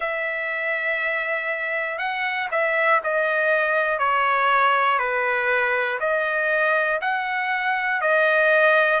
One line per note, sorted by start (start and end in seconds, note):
0.00 1.98 E5
1.98 2.48 F#5
2.51 3.01 E5
3.03 3.98 D#5
3.98 4.98 C#5
4.99 5.99 B4
6.00 7.00 D#5
7.00 8.00 F#5
8.00 9.00 D#5